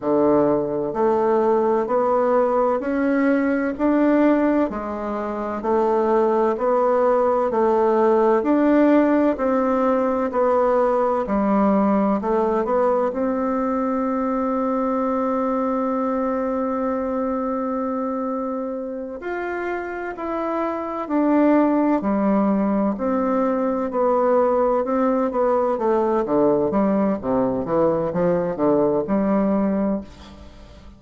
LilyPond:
\new Staff \with { instrumentName = "bassoon" } { \time 4/4 \tempo 4 = 64 d4 a4 b4 cis'4 | d'4 gis4 a4 b4 | a4 d'4 c'4 b4 | g4 a8 b8 c'2~ |
c'1~ | c'8 f'4 e'4 d'4 g8~ | g8 c'4 b4 c'8 b8 a8 | d8 g8 c8 e8 f8 d8 g4 | }